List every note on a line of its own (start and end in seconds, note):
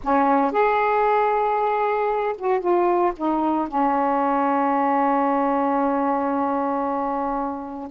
0.03 0.51 C#4
0.51 2.35 G#4
2.38 2.60 F#4
2.60 3.12 F4
3.16 3.67 D#4
3.67 7.89 C#4